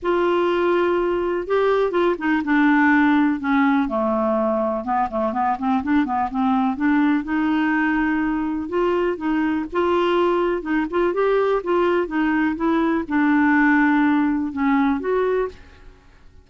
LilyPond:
\new Staff \with { instrumentName = "clarinet" } { \time 4/4 \tempo 4 = 124 f'2. g'4 | f'8 dis'8 d'2 cis'4 | a2 b8 a8 b8 c'8 | d'8 b8 c'4 d'4 dis'4~ |
dis'2 f'4 dis'4 | f'2 dis'8 f'8 g'4 | f'4 dis'4 e'4 d'4~ | d'2 cis'4 fis'4 | }